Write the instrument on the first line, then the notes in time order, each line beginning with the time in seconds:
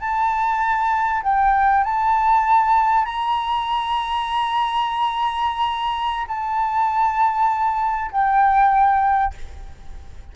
flute
0.00 A5
1.23 G5
1.84 A5
3.05 A#5
6.28 A5
8.12 G5